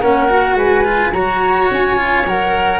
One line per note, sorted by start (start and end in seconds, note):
0.00 0.55 A#3
0.00 0.28 C#4
0.00 0.56 A#4
0.00 0.57 F#5
0.28 0.84 F#4
0.55 1.11 G#3
0.55 1.13 B4
0.55 1.13 G#5
0.84 1.12 F4
1.13 1.69 F#3
1.13 1.97 F#4
1.13 2.80 C#5
1.13 1.69 A#5
1.70 2.25 C#4
1.70 2.28 G#5
1.97 2.25 F4
2.25 2.80 F#3
2.25 2.80 A#4
2.25 2.80 F#5